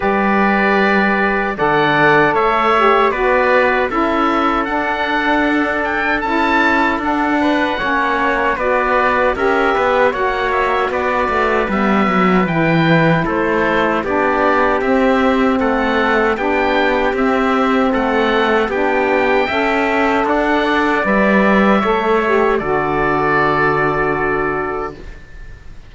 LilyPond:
<<
  \new Staff \with { instrumentName = "oboe" } { \time 4/4 \tempo 4 = 77 d''2 fis''4 e''4 | d''4 e''4 fis''4. g''8 | a''4 fis''2 d''4 | e''4 fis''8 e''8 d''4 e''4 |
g''4 c''4 d''4 e''4 | fis''4 g''4 e''4 fis''4 | g''2 fis''4 e''4~ | e''4 d''2. | }
  \new Staff \with { instrumentName = "trumpet" } { \time 4/4 b'2 d''4 cis''4 | b'4 a'2.~ | a'4. b'8 cis''4 b'4 | ais'8 b'8 cis''4 b'2~ |
b'4 a'4 g'2 | a'4 g'2 a'4 | g'4 e''4 d'8 d''4. | cis''4 a'2. | }
  \new Staff \with { instrumentName = "saxophone" } { \time 4/4 g'2 a'4. g'8 | fis'4 e'4 d'2 | e'4 d'4 cis'4 fis'4 | g'4 fis'2 b4 |
e'2 d'4 c'4~ | c'4 d'4 c'2 | d'4 a'2 b'4 | a'8 g'8 fis'2. | }
  \new Staff \with { instrumentName = "cello" } { \time 4/4 g2 d4 a4 | b4 cis'4 d'2 | cis'4 d'4 ais4 b4 | cis'8 b8 ais4 b8 a8 g8 fis8 |
e4 a4 b4 c'4 | a4 b4 c'4 a4 | b4 cis'4 d'4 g4 | a4 d2. | }
>>